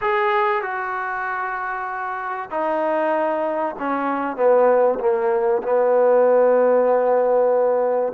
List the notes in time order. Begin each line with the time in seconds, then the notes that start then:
0.01 G#4
0.62 F#4
2.50 D#4
3.78 C#4
4.36 B3
4.99 A#3
5.62 B3